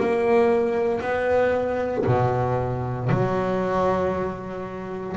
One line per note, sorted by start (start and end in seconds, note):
0.00 1.01 A#3
1.01 2.05 B3
2.06 3.09 B2
3.09 5.16 F#3